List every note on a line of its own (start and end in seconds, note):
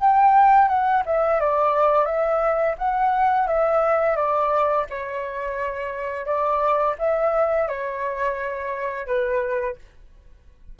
0.00 0.68 G5
0.68 1.03 F#5
1.06 1.40 E5
1.40 2.05 D5
2.05 2.75 E5
2.78 3.47 F#5
3.47 4.16 E5
4.16 4.86 D5
4.90 6.26 C#5
6.26 6.95 D5
6.99 7.68 E5
7.68 9.06 C#5
9.06 9.76 B4